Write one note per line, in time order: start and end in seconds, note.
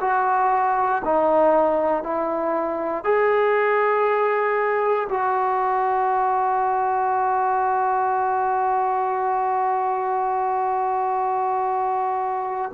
0.00 1.02 F#4
1.04 2.03 D#4
2.03 3.04 E4
3.04 5.07 G#4
5.08 12.71 F#4